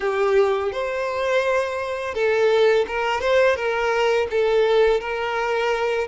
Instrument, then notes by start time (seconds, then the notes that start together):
violin
0.00 G4
0.72 C5
2.14 A4
2.87 A#4
3.20 C5
3.56 A#4
4.30 A4
5.00 A#4